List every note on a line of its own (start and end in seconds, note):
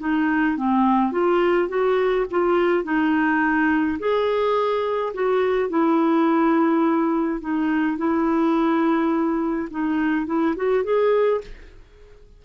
0.00 0.57 D#4
0.57 1.12 C4
1.12 1.69 F4
1.69 2.26 F#4
2.31 2.84 F4
2.84 3.98 D#4
3.99 5.13 G#4
5.14 5.70 F#4
5.70 7.41 E4
7.41 7.97 D#4
7.97 9.69 E4
9.71 10.26 D#4
10.26 10.55 E4
10.56 10.84 F#4
10.84 11.41 G#4